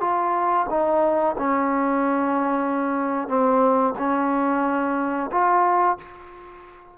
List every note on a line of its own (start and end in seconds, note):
0.00 0.66 F4
0.70 1.35 D#4
1.38 3.28 C#4
3.28 3.94 C4
3.98 5.30 C#4
5.32 5.98 F4